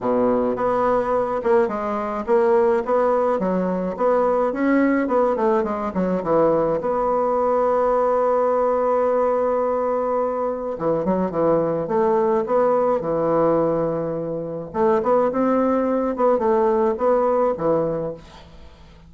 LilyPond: \new Staff \with { instrumentName = "bassoon" } { \time 4/4 \tempo 4 = 106 b,4 b4. ais8 gis4 | ais4 b4 fis4 b4 | cis'4 b8 a8 gis8 fis8 e4 | b1~ |
b2. e8 fis8 | e4 a4 b4 e4~ | e2 a8 b8 c'4~ | c'8 b8 a4 b4 e4 | }